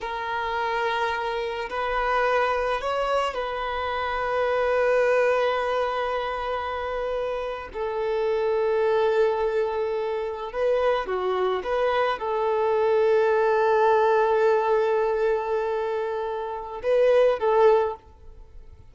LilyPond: \new Staff \with { instrumentName = "violin" } { \time 4/4 \tempo 4 = 107 ais'2. b'4~ | b'4 cis''4 b'2~ | b'1~ | b'4.~ b'16 a'2~ a'16~ |
a'2~ a'8. b'4 fis'16~ | fis'8. b'4 a'2~ a'16~ | a'1~ | a'2 b'4 a'4 | }